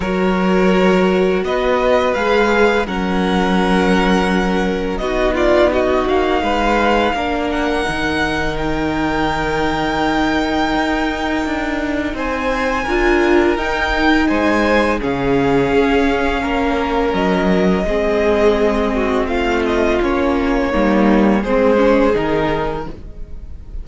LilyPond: <<
  \new Staff \with { instrumentName = "violin" } { \time 4/4 \tempo 4 = 84 cis''2 dis''4 f''4 | fis''2. dis''8 d''8 | dis''8 f''2 fis''4. | g''1~ |
g''4 gis''2 g''4 | gis''4 f''2. | dis''2. f''8 dis''8 | cis''2 c''4 ais'4 | }
  \new Staff \with { instrumentName = "violin" } { \time 4/4 ais'2 b'2 | ais'2. fis'8 f'8 | fis'4 b'4 ais'2~ | ais'1~ |
ais'4 c''4 ais'2 | c''4 gis'2 ais'4~ | ais'4 gis'4. fis'8 f'4~ | f'4 dis'4 gis'2 | }
  \new Staff \with { instrumentName = "viola" } { \time 4/4 fis'2. gis'4 | cis'2. dis'4~ | dis'2 d'4 dis'4~ | dis'1~ |
dis'2 f'4 dis'4~ | dis'4 cis'2.~ | cis'4 c'2. | cis'4 ais4 c'8 cis'8 dis'4 | }
  \new Staff \with { instrumentName = "cello" } { \time 4/4 fis2 b4 gis4 | fis2. b4~ | b8 ais8 gis4 ais4 dis4~ | dis2. dis'4 |
d'4 c'4 d'4 dis'4 | gis4 cis4 cis'4 ais4 | fis4 gis2 a4 | ais4 g4 gis4 dis4 | }
>>